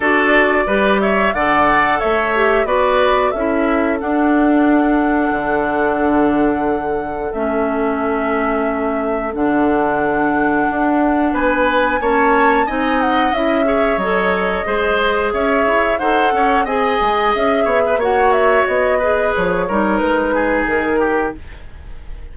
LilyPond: <<
  \new Staff \with { instrumentName = "flute" } { \time 4/4 \tempo 4 = 90 d''4. e''8 fis''4 e''4 | d''4 e''4 fis''2~ | fis''2. e''4~ | e''2 fis''2~ |
fis''4 gis''4 a''4 gis''8 fis''8 | e''4 dis''2 e''4 | fis''4 gis''4 e''4 fis''8 e''8 | dis''4 cis''4 b'4 ais'4 | }
  \new Staff \with { instrumentName = "oboe" } { \time 4/4 a'4 b'8 cis''8 d''4 cis''4 | b'4 a'2.~ | a'1~ | a'1~ |
a'4 b'4 cis''4 dis''4~ | dis''8 cis''4. c''4 cis''4 | c''8 cis''8 dis''4. cis''16 b'16 cis''4~ | cis''8 b'4 ais'4 gis'4 g'8 | }
  \new Staff \with { instrumentName = "clarinet" } { \time 4/4 fis'4 g'4 a'4. g'8 | fis'4 e'4 d'2~ | d'2. cis'4~ | cis'2 d'2~ |
d'2 cis'4 dis'4 | e'8 gis'8 a'4 gis'2 | a'4 gis'2 fis'4~ | fis'8 gis'4 dis'2~ dis'8 | }
  \new Staff \with { instrumentName = "bassoon" } { \time 4/4 d'4 g4 d4 a4 | b4 cis'4 d'2 | d2. a4~ | a2 d2 |
d'4 b4 ais4 c'4 | cis'4 fis4 gis4 cis'8 e'8 | dis'8 cis'8 c'8 gis8 cis'8 b8 ais4 | b4 f8 g8 gis4 dis4 | }
>>